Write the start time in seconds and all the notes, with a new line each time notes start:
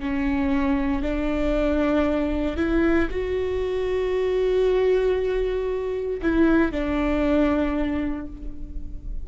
0.00 C#4
1.03 D4
2.57 E4
3.11 F#4
6.23 E4
6.72 D4